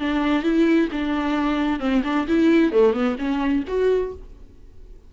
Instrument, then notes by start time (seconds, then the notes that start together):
viola
0.00 D4
0.43 E4
0.92 D4
1.80 C4
2.04 D4
2.28 E4
2.72 A3
2.93 B3
3.19 C#4
3.68 F#4